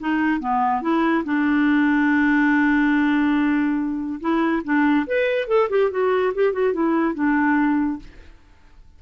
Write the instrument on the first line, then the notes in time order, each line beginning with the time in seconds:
clarinet
0.00 D#4
0.40 B3
0.82 E4
1.24 D4
4.20 E4
4.64 D4
5.07 B4
5.48 A4
5.70 G4
5.91 F#4
6.35 G4
6.53 F#4
6.73 E4
7.15 D4